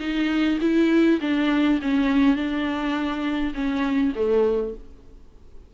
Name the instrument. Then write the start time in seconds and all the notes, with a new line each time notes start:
viola
0.00 D#4
0.61 E4
1.21 D4
1.82 C#4
2.36 D4
3.55 C#4
4.16 A3